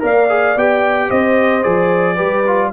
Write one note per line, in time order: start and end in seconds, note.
0.00 0.57 A#3
0.00 0.27 A#4
0.00 1.09 D5
0.00 0.59 F5
0.29 0.56 G#4
0.57 1.11 B3
0.57 1.63 G4
0.57 1.11 G5
1.09 1.65 C4
1.09 2.16 C5
1.09 1.63 D#5
1.63 2.19 F3
1.63 2.17 G#4
1.63 2.71 D5
2.16 2.73 G3
2.16 2.44 G4
2.16 2.70 B4
2.47 2.73 F4